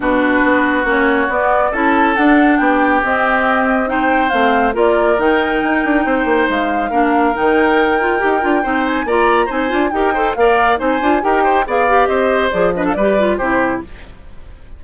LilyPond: <<
  \new Staff \with { instrumentName = "flute" } { \time 4/4 \tempo 4 = 139 b'2 cis''4 d''4 | a''4 fis''4 g''4 dis''4~ | dis''4 g''4 f''4 d''4 | g''2. f''4~ |
f''4 g''2.~ | g''8 gis''8 ais''4 gis''4 g''4 | f''4 gis''4 g''4 f''4 | dis''4 d''8 dis''16 f''16 d''4 c''4 | }
  \new Staff \with { instrumentName = "oboe" } { \time 4/4 fis'1 | a'2 g'2~ | g'4 c''2 ais'4~ | ais'2 c''2 |
ais'1 | c''4 d''4 c''4 ais'8 c''8 | d''4 c''4 ais'8 c''8 d''4 | c''4. b'16 a'16 b'4 g'4 | }
  \new Staff \with { instrumentName = "clarinet" } { \time 4/4 d'2 cis'4 b4 | e'4 d'2 c'4~ | c'4 dis'4 c'4 f'4 | dis'1 |
d'4 dis'4. f'8 g'8 f'8 | dis'4 f'4 dis'8 f'8 g'8 a'8 | ais'4 dis'8 f'8 g'4 gis'8 g'8~ | g'4 gis'8 d'8 g'8 f'8 e'4 | }
  \new Staff \with { instrumentName = "bassoon" } { \time 4/4 b,4 b4 ais4 b4 | cis'4 d'4 b4 c'4~ | c'2 a4 ais4 | dis4 dis'8 d'8 c'8 ais8 gis4 |
ais4 dis2 dis'8 d'8 | c'4 ais4 c'8 d'8 dis'4 | ais4 c'8 d'8 dis'4 b4 | c'4 f4 g4 c4 | }
>>